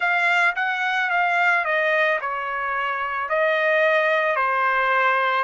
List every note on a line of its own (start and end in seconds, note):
0.00 0.55 F5
0.55 1.10 F#5
1.10 1.64 F5
1.64 2.19 D#5
2.20 3.29 C#5
3.29 4.35 D#5
4.35 5.43 C5